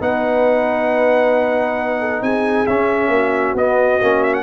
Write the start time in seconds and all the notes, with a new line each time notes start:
0.00 B3 D#4 B4 F#5
2.00 A4
2.22 C4 G#4 G#5
2.66 C#4 E5
3.08 A#3 F#4
3.54 B3 D#5
4.01 A#3 C#4
4.23 E5
4.34 F#5